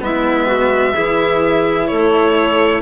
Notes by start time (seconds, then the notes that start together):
0.00 G#3 B3 E4 E5
0.47 F#4
0.94 E3 E4 G#4
1.88 A3 A4 C#5